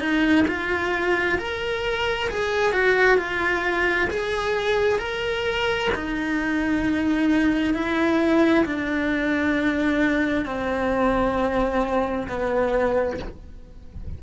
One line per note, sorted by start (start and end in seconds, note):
0.00 0.45 D#4
0.48 1.38 F4
1.38 2.29 A#4
2.30 2.73 G#4
2.73 3.18 F#4
3.18 4.09 F4
4.10 4.99 G#4
4.99 5.90 A#4
5.95 7.74 D#4
7.74 8.65 E4
8.65 10.45 D4
10.45 12.27 C4
12.29 13.19 B3